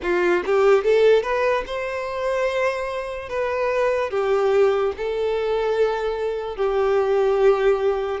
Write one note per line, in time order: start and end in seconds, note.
0.02 0.43 F4
0.45 0.84 G4
0.84 1.23 A4
1.23 1.64 B4
1.66 3.29 C5
3.29 4.10 B4
4.10 4.92 G4
4.97 6.56 A4
6.56 8.20 G4